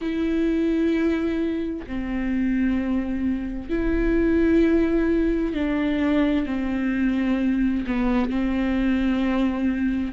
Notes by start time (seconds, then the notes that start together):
0.01 E4
1.87 C4
3.69 E4
5.54 D4
6.46 C4
7.87 B3
8.30 C4